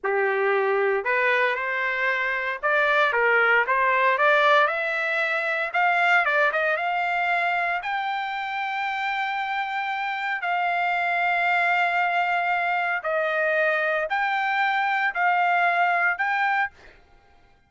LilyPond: \new Staff \with { instrumentName = "trumpet" } { \time 4/4 \tempo 4 = 115 g'2 b'4 c''4~ | c''4 d''4 ais'4 c''4 | d''4 e''2 f''4 | d''8 dis''8 f''2 g''4~ |
g''1 | f''1~ | f''4 dis''2 g''4~ | g''4 f''2 g''4 | }